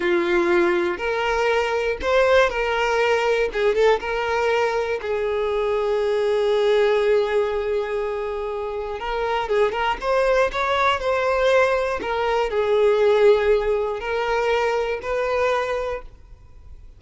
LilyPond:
\new Staff \with { instrumentName = "violin" } { \time 4/4 \tempo 4 = 120 f'2 ais'2 | c''4 ais'2 gis'8 a'8 | ais'2 gis'2~ | gis'1~ |
gis'2 ais'4 gis'8 ais'8 | c''4 cis''4 c''2 | ais'4 gis'2. | ais'2 b'2 | }